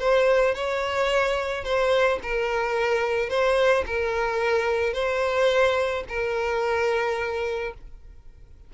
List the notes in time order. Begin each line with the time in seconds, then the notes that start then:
0.00 C5
0.55 C#5
1.65 C5
2.23 A#4
3.30 C5
3.87 A#4
4.94 C5
6.09 A#4